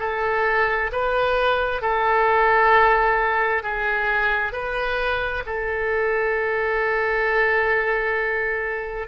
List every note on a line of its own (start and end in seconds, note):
0.00 0.91 A4
0.93 1.82 B4
1.82 3.63 A4
3.63 4.53 G#4
4.53 5.44 B4
5.46 9.08 A4